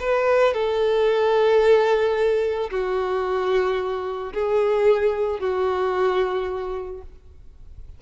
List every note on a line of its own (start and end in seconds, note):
0.00 0.54 B4
0.54 2.70 A4
2.71 4.33 F#4
4.33 5.40 G#4
5.40 7.02 F#4